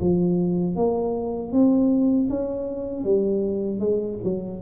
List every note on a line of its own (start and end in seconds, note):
0.00 0.76 F3
0.76 1.52 A#3
1.52 2.29 C4
2.30 3.04 C#4
3.04 3.80 G3
3.80 4.18 G#3
4.24 4.62 F#3